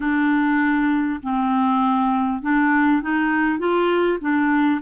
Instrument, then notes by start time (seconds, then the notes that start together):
clarinet
0.00 D4
1.22 C4
2.42 D4
3.02 D#4
3.58 F4
4.21 D4